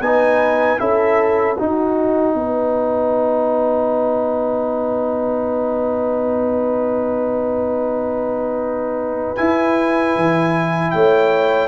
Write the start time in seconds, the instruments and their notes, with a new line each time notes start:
0.00 tuba B3, trombone D#4, horn B4, trumpet G#5
0.78 tuba C#4, trombone E4, horn A4, trumpet E5
1.57 trombone D#4, tuba D#4, horn F#4, trumpet F#5
2.34 tuba B3, horn B4
9.35 trombone E4, tuba E4, trumpet G#5
10.15 tuba E3
10.91 tuba A3, horn C#5, trumpet G5